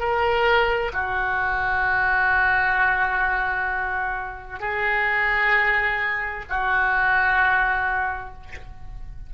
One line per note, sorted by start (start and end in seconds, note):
0.00 0.92 A#4
0.93 4.60 F#4
4.60 6.45 G#4
6.50 8.34 F#4